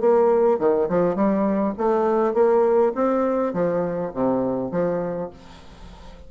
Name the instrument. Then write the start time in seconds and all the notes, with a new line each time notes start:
bassoon
0.00 A#3
0.59 D#3
0.89 F3
1.15 G3
1.78 A3
2.33 A#3
2.95 C4
3.53 F3
4.14 C3
4.71 F3